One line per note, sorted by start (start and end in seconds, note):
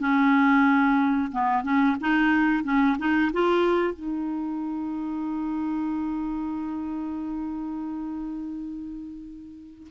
0.00 1.32 C#4
1.32 1.64 B3
1.64 1.97 C#4
2.01 2.64 D#4
2.64 2.97 C#4
2.99 3.32 D#4
3.33 3.94 F4
3.94 9.88 D#4